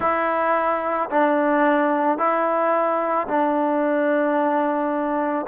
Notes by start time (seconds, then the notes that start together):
0.00 E4
1.10 D4
2.18 E4
3.27 D4